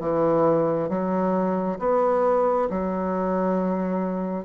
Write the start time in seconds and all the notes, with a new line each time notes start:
0.00 E3
0.89 F#3
1.79 B3
2.70 F#3